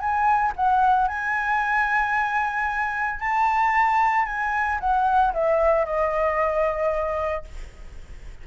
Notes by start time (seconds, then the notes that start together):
0.00 G#5
0.56 F#5
1.08 G#5
3.20 A5
4.26 G#5
4.81 F#5
5.34 E5
5.86 D#5